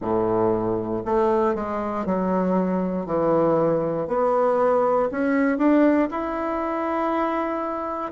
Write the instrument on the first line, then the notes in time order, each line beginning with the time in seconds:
bassoon
0.01 A2
1.04 A3
1.54 G#3
2.05 F#3
3.06 E3
4.07 B3
5.11 C#4
5.57 D4
6.10 E4